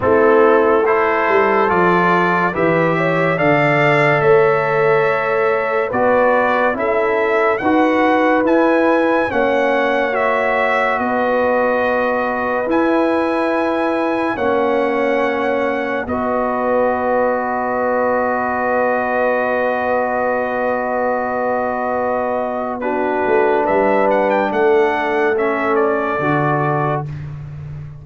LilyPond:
<<
  \new Staff \with { instrumentName = "trumpet" } { \time 4/4 \tempo 4 = 71 a'4 c''4 d''4 e''4 | f''4 e''2 d''4 | e''4 fis''4 gis''4 fis''4 | e''4 dis''2 gis''4~ |
gis''4 fis''2 dis''4~ | dis''1~ | dis''2. b'4 | e''8 fis''16 g''16 fis''4 e''8 d''4. | }
  \new Staff \with { instrumentName = "horn" } { \time 4/4 e'4 a'2 b'8 cis''8 | d''4 cis''2 b'4 | a'4 b'2 cis''4~ | cis''4 b'2.~ |
b'4 cis''2 b'4~ | b'1~ | b'2. fis'4 | b'4 a'2. | }
  \new Staff \with { instrumentName = "trombone" } { \time 4/4 c'4 e'4 f'4 g'4 | a'2. fis'4 | e'4 fis'4 e'4 cis'4 | fis'2. e'4~ |
e'4 cis'2 fis'4~ | fis'1~ | fis'2. d'4~ | d'2 cis'4 fis'4 | }
  \new Staff \with { instrumentName = "tuba" } { \time 4/4 a4. g8 f4 e4 | d4 a2 b4 | cis'4 dis'4 e'4 ais4~ | ais4 b2 e'4~ |
e'4 ais2 b4~ | b1~ | b2.~ b8 a8 | g4 a2 d4 | }
>>